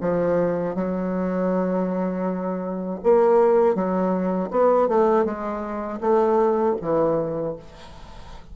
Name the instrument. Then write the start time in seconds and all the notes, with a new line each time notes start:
bassoon
0.00 F3
0.75 F#3
3.03 A#3
3.75 F#3
4.50 B3
4.88 A3
5.25 G#3
6.00 A3
6.81 E3